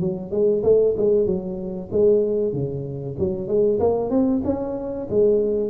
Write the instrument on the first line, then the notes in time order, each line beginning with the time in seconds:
tuba
0.00 F#3
0.32 G#3
0.63 A3
0.97 G#3
1.26 F#3
1.92 G#3
2.53 C#3
3.19 F#3
3.48 G#3
3.80 A#3
4.10 C4
4.45 C#4
5.10 G#3